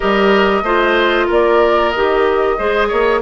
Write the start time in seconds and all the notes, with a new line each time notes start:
0.00 G3 G4 A#4 D#5
0.62 A3 F4 C5
1.26 A#3 A#4 D5
1.90 D#3 G4 D#5
2.58 G#3 G#4 C5
2.87 A#3 C#5